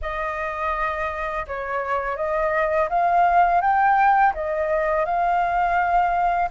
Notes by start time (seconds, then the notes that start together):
0.01 D#5
1.47 C#5
2.16 D#5
2.89 F5
3.61 G5
4.33 D#5
5.05 F5